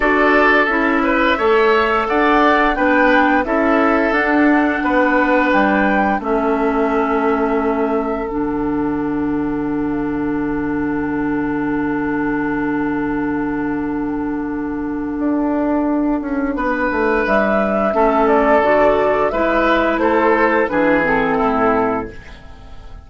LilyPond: <<
  \new Staff \with { instrumentName = "flute" } { \time 4/4 \tempo 4 = 87 d''4 e''2 fis''4 | g''4 e''4 fis''2 | g''4 e''2. | fis''1~ |
fis''1~ | fis''1~ | fis''4 e''4. d''4. | e''4 c''4 b'8 a'4. | }
  \new Staff \with { instrumentName = "oboe" } { \time 4/4 a'4. b'8 cis''4 d''4 | b'4 a'2 b'4~ | b'4 a'2.~ | a'1~ |
a'1~ | a'1 | b'2 a'2 | b'4 a'4 gis'4 e'4 | }
  \new Staff \with { instrumentName = "clarinet" } { \time 4/4 fis'4 e'4 a'2 | d'4 e'4 d'2~ | d'4 cis'2. | d'1~ |
d'1~ | d'1~ | d'2 cis'4 fis'4 | e'2 d'8 c'4. | }
  \new Staff \with { instrumentName = "bassoon" } { \time 4/4 d'4 cis'4 a4 d'4 | b4 cis'4 d'4 b4 | g4 a2. | d1~ |
d1~ | d2 d'4. cis'8 | b8 a8 g4 a4 d4 | gis4 a4 e4 a,4 | }
>>